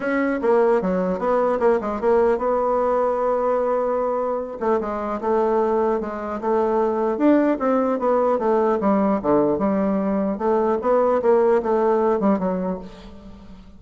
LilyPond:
\new Staff \with { instrumentName = "bassoon" } { \time 4/4 \tempo 4 = 150 cis'4 ais4 fis4 b4 | ais8 gis8 ais4 b2~ | b2.~ b8 a8 | gis4 a2 gis4 |
a2 d'4 c'4 | b4 a4 g4 d4 | g2 a4 b4 | ais4 a4. g8 fis4 | }